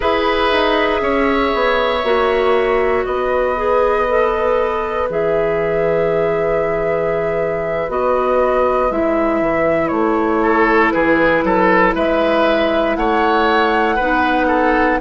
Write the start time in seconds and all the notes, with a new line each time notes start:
0.00 E4 G#4 B4 E5
0.51 D#4
1.01 C#4 C#5
1.54 B3
2.03 A#3 F#4
3.05 B3 B4 D#5
3.56 G#4
4.07 A4
5.09 E3 G#4 E5
7.89 B3 F#4 D#5
8.90 G#3 E4 E5
9.41 E3
9.87 A3 C#5
10.42 A4
10.91 E3 G#4 B4
11.43 F#3 A4
11.94 G#3 B4 E5
12.96 A3 C#5 F#5
13.95 B3 D#4 B4
14.47 A4